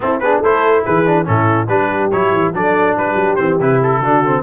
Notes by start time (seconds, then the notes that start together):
0.00 C4 E4 A4
0.19 B3 D4 G#4 B4
0.40 A3 E4 A4 C5
0.85 E3 G#4 B4
1.06 D4
1.24 A2 C#4 E4 A4
1.68 G3 D4 G4 B4
2.11 F#3 E4 C#5
2.32 E3
2.53 F#3 D4 A4 D5
2.97 G3 G4 B4
3.15 F#3
3.35 E3 C4 C5
3.60 C3 E4 B4
3.82 A4
3.99 D3 D4 F#4
4.26 C4